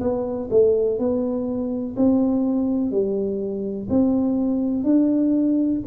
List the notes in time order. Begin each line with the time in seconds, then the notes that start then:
0.00 B3
0.50 A3
0.99 B3
1.96 C4
2.91 G3
3.89 C4
4.83 D4